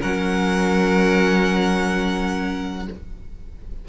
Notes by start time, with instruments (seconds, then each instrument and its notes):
0.00 cello F#3, viola C#4, violin A#4 F#5